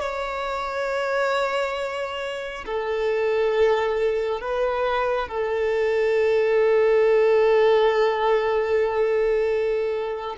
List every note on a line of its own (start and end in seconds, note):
0.00 2.65 C#5
2.66 4.41 A4
4.41 5.29 B4
5.29 10.36 A4